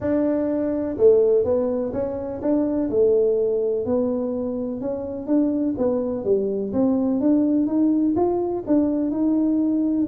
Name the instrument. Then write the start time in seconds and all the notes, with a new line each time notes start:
tuba
0.00 D4
0.97 A3
1.44 B3
1.92 C#4
2.41 D4
2.90 A3
3.85 B3
4.80 C#4
5.26 D4
5.77 B3
6.24 G3
6.72 C4
7.20 D4
7.66 D#4
8.16 F4
8.67 D4
9.10 D#4